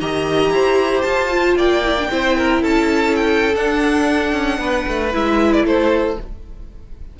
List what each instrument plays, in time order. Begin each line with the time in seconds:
0.00 cello D#3, viola G4, violin D#5 A#5
0.50 cello E4, violin C5
1.02 cello F4, violin A5
1.31 viola F4
1.56 cello A#3, violin D5 G5
1.84 viola E4
1.98 viola D4
2.10 cello C4, viola E4, violin C5
2.37 violin A#4
2.62 cello C#4, violin A4 A5
3.15 violin G5
3.55 cello D4, viola D4, violin F#5
4.32 cello C#4
4.58 cello B3, violin B4
4.88 cello A3
5.12 cello G#3, viola E4, violin E5
5.53 violin D5
5.64 cello A3, violin A4 C5